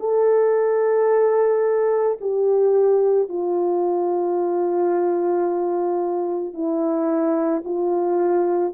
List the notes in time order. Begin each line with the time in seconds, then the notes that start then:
0.00 A4
2.21 G4
3.29 F4
6.54 E4
7.65 F4